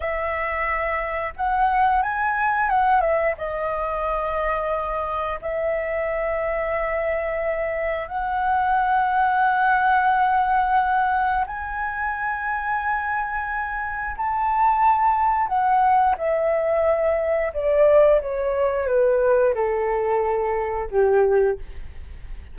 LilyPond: \new Staff \with { instrumentName = "flute" } { \time 4/4 \tempo 4 = 89 e''2 fis''4 gis''4 | fis''8 e''8 dis''2. | e''1 | fis''1~ |
fis''4 gis''2.~ | gis''4 a''2 fis''4 | e''2 d''4 cis''4 | b'4 a'2 g'4 | }